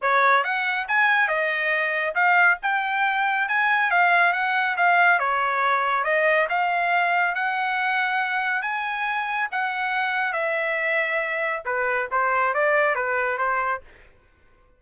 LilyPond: \new Staff \with { instrumentName = "trumpet" } { \time 4/4 \tempo 4 = 139 cis''4 fis''4 gis''4 dis''4~ | dis''4 f''4 g''2 | gis''4 f''4 fis''4 f''4 | cis''2 dis''4 f''4~ |
f''4 fis''2. | gis''2 fis''2 | e''2. b'4 | c''4 d''4 b'4 c''4 | }